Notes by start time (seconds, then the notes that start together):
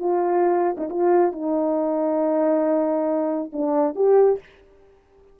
0.00 F4
0.78 D#4
0.90 F4
1.33 D#4
3.53 D4
3.96 G4